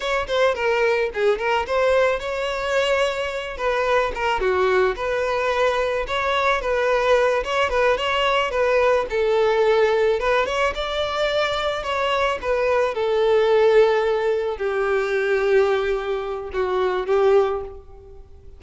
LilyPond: \new Staff \with { instrumentName = "violin" } { \time 4/4 \tempo 4 = 109 cis''8 c''8 ais'4 gis'8 ais'8 c''4 | cis''2~ cis''8 b'4 ais'8 | fis'4 b'2 cis''4 | b'4. cis''8 b'8 cis''4 b'8~ |
b'8 a'2 b'8 cis''8 d''8~ | d''4. cis''4 b'4 a'8~ | a'2~ a'8 g'4.~ | g'2 fis'4 g'4 | }